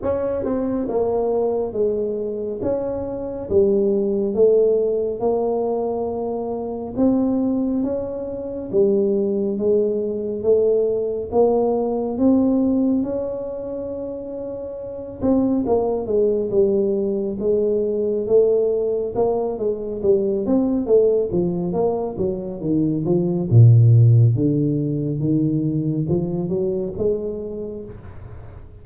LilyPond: \new Staff \with { instrumentName = "tuba" } { \time 4/4 \tempo 4 = 69 cis'8 c'8 ais4 gis4 cis'4 | g4 a4 ais2 | c'4 cis'4 g4 gis4 | a4 ais4 c'4 cis'4~ |
cis'4. c'8 ais8 gis8 g4 | gis4 a4 ais8 gis8 g8 c'8 | a8 f8 ais8 fis8 dis8 f8 ais,4 | d4 dis4 f8 fis8 gis4 | }